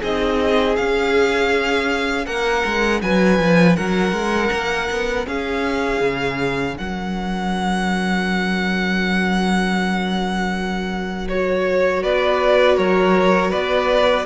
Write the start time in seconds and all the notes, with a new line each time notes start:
0.00 C4 D#4 G#4 D#5
0.75 C#4 F5
2.26 A#3 A#4 F#5
2.65 G#3
3.02 F#3 B4 G#5
3.39 F3
3.76 F#3 A#4 F#5
4.12 G#3
4.52 A#3
4.90 B3
5.26 C#4 G#4 F5
6.00 C#3
6.77 F#3 A#4 F#5
11.28 F#4 C#5
12.03 B3 B4 D5
12.77 F#3 A#4 C#5
13.50 B3 B4 D5